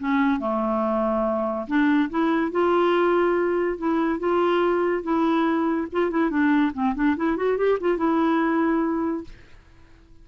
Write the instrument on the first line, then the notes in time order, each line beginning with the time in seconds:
clarinet
0.00 C#4
0.40 A3
1.68 D4
2.10 E4
2.52 F4
3.78 E4
4.20 F4
5.03 E4
5.93 F4
6.11 E4
6.31 D4
6.74 C4
6.96 D4
7.17 E4
7.37 F#4
7.58 G4
7.81 F4
7.98 E4